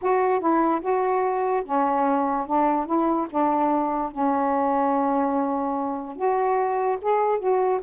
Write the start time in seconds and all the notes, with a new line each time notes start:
0.01 F#4
0.39 E4
0.81 F#4
1.64 C#4
2.47 D4
2.86 E4
3.30 D4
4.11 C#4
6.16 F#4
7.01 G#4
7.39 F#4